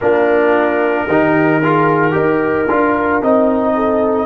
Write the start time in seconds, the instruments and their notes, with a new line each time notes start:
0.00 tuba A#3, trombone D4, horn F4, trumpet A#4
1.07 tuba D#3, trombone D#4, horn G4
1.63 trombone F4, horn G#4
2.11 tuba D#4, trombone G4, horn A#4
2.69 tuba D4, trombone F4
3.21 tuba C4, trombone D#4, trumpet D#5
3.75 horn A4